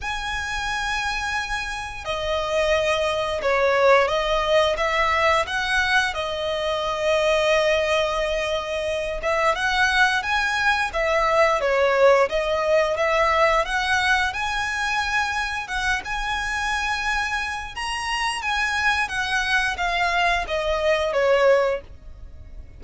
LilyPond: \new Staff \with { instrumentName = "violin" } { \time 4/4 \tempo 4 = 88 gis''2. dis''4~ | dis''4 cis''4 dis''4 e''4 | fis''4 dis''2.~ | dis''4. e''8 fis''4 gis''4 |
e''4 cis''4 dis''4 e''4 | fis''4 gis''2 fis''8 gis''8~ | gis''2 ais''4 gis''4 | fis''4 f''4 dis''4 cis''4 | }